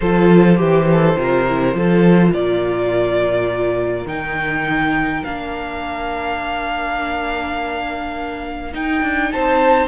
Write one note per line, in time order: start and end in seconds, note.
0.00 0.59 F3
0.00 0.56 F4
0.00 0.57 A4
0.00 2.32 C5
0.56 1.16 E3
0.56 1.14 G4
0.56 0.86 G4
0.91 1.19 A4
1.16 1.74 C3
1.16 1.46 F4
1.16 1.76 A#4
1.48 1.74 E4
1.74 2.32 F3
1.74 4.07 F4
1.74 2.33 A4
2.33 4.05 A#2
2.33 9.32 A#4
2.33 4.07 D5
4.05 5.22 D#3
4.05 5.23 D#4
4.05 5.23 G5
5.24 8.73 A#3
5.24 8.73 D4
5.24 8.73 F5
8.73 9.87 D#4
8.73 9.01 D#4
8.73 9.32 G5
9.01 9.31 D4
9.32 9.87 C4
9.32 9.87 C5
9.32 9.87 A5